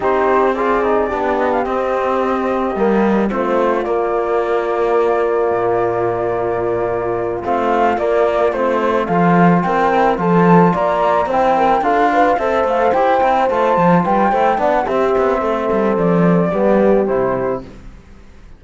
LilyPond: <<
  \new Staff \with { instrumentName = "flute" } { \time 4/4 \tempo 4 = 109 c''4 d''4. dis''16 f''16 dis''4~ | dis''2 c''4 d''4~ | d''1~ | d''4. f''4 d''4 c''8~ |
c''8 f''4 g''4 a''4 ais''8~ | ais''8 g''4 f''4 e''8 f''8 g''8~ | g''8 a''4 g''4 fis''8 e''4~ | e''4 d''2 c''4 | }
  \new Staff \with { instrumentName = "horn" } { \time 4/4 g'4 gis'4 g'2~ | g'2 f'2~ | f'1~ | f'1~ |
f'8 a'4 ais'4 a'4 d''8~ | d''8 c''8 ais'8 a'8 b'8 c''4.~ | c''4. b'8 c''8 d''8 g'4 | a'2 g'2 | }
  \new Staff \with { instrumentName = "trombone" } { \time 4/4 dis'4 f'8 dis'8 d'4 c'4~ | c'4 ais4 c'4 ais4~ | ais1~ | ais4. c'4 ais4 c'8~ |
c'8 f'4. e'8 f'4.~ | f'8 e'4 f'4 a'4 g'8 | e'8 f'4. e'8 d'8 c'4~ | c'2 b4 e'4 | }
  \new Staff \with { instrumentName = "cello" } { \time 4/4 c'2 b4 c'4~ | c'4 g4 a4 ais4~ | ais2 ais,2~ | ais,4. a4 ais4 a8~ |
a8 f4 c'4 f4 ais8~ | ais8 c'4 d'4 c'8 a8 e'8 | c'8 a8 f8 g8 a8 b8 c'8 b8 | a8 g8 f4 g4 c4 | }
>>